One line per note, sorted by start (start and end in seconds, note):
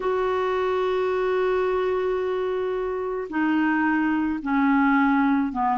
0.00 3.28 F#4
3.29 4.39 D#4
4.42 5.52 C#4
5.52 5.77 B3